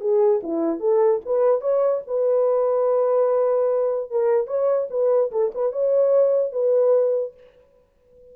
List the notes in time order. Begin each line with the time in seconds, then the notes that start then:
0.00 G#4
0.43 E4
0.80 A4
1.25 B4
1.61 C#5
2.07 B4
4.10 A#4
4.47 C#5
4.90 B4
5.31 A4
5.54 B4
5.72 C#5
6.52 B4